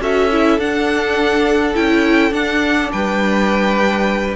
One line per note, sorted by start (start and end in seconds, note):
0.00 0.58 C#4
0.00 0.30 F#4
0.00 2.91 A4
0.00 0.59 E5
0.31 0.60 E4
0.58 1.74 D4
0.58 1.75 F#5
1.74 2.31 C#4
1.74 2.31 E4
1.74 2.33 G5
2.31 2.89 D4
2.31 4.35 D4
2.31 2.91 F#5
2.91 4.35 G3
2.91 4.35 B4
2.91 4.35 G5